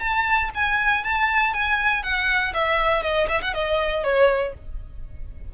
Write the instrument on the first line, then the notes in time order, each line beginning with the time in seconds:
violin
0.00 A5
0.55 G#5
1.04 A5
1.54 G#5
2.03 F#5
2.54 E5
3.02 D#5
3.29 E5
3.42 F#5
3.54 D#5
4.04 C#5